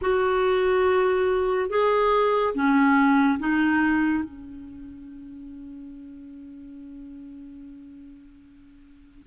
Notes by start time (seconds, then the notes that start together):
0.01 F#4
1.69 G#4
2.54 C#4
3.39 D#4
4.24 C#4